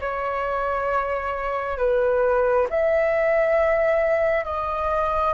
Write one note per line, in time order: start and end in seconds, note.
0.00 1.77 C#5
1.77 2.67 B4
2.69 4.45 E5
4.45 5.33 D#5